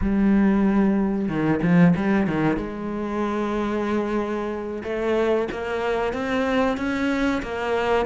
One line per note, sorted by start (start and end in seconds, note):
0.01 1.28 G3
1.28 1.60 D#3
1.62 1.94 F3
1.95 2.27 G3
2.27 2.57 D#3
2.57 4.82 G#3
4.83 5.48 A3
5.51 6.13 A#3
6.13 6.77 C4
6.77 7.41 C#4
7.42 8.05 A#3